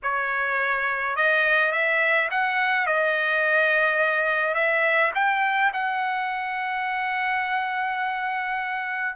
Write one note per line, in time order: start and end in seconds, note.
0.02 1.16 C#5
1.16 1.71 D#5
1.71 2.29 E5
2.31 2.86 F#5
2.86 4.54 D#5
4.54 5.11 E5
5.14 5.71 G5
5.73 9.16 F#5